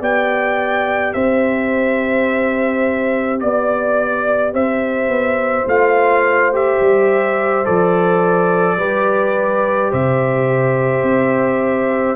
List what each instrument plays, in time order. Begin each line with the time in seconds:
0.00 tuba B3, trombone G4, horn D5, trumpet G5
1.13 tuba C4, horn C5, trumpet E5
3.40 tuba B3, trumpet D5, horn D5
4.53 tuba C4, horn C5, trumpet E5
5.08 tuba B3
5.66 tuba A3, trombone F4, trumpet F5
6.53 trombone G4, trumpet E5
6.80 tuba G3
7.64 tuba F3, trombone A4, trumpet D5
8.77 tuba G3, trombone G4, horn B4
9.90 tuba C3, horn C5, trumpet E5
11.02 tuba C4